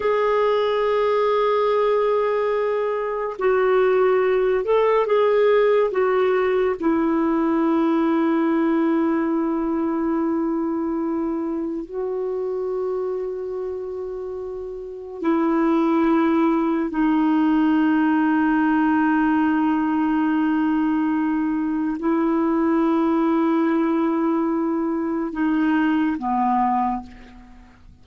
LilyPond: \new Staff \with { instrumentName = "clarinet" } { \time 4/4 \tempo 4 = 71 gis'1 | fis'4. a'8 gis'4 fis'4 | e'1~ | e'2 fis'2~ |
fis'2 e'2 | dis'1~ | dis'2 e'2~ | e'2 dis'4 b4 | }